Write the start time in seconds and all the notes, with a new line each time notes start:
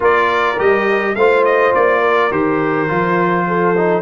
0.00 A#3 F4 A#4 D5
0.58 G3 G4 D#5
1.15 A3 F4 C5 F5
1.44 D#5
1.74 A#3 D5
2.00 A#4
2.31 D#3 G4 C5
2.88 F3 F4
3.47 A4
3.76 D#4